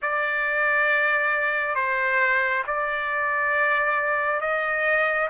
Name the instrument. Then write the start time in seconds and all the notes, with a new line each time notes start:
trumpet
0.02 D5
1.75 C5
2.66 D5
4.40 D#5